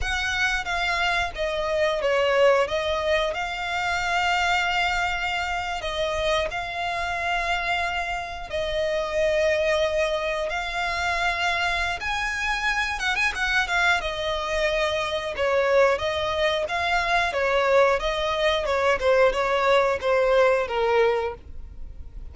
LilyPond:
\new Staff \with { instrumentName = "violin" } { \time 4/4 \tempo 4 = 90 fis''4 f''4 dis''4 cis''4 | dis''4 f''2.~ | f''8. dis''4 f''2~ f''16~ | f''8. dis''2. f''16~ |
f''2 gis''4. fis''16 gis''16 | fis''8 f''8 dis''2 cis''4 | dis''4 f''4 cis''4 dis''4 | cis''8 c''8 cis''4 c''4 ais'4 | }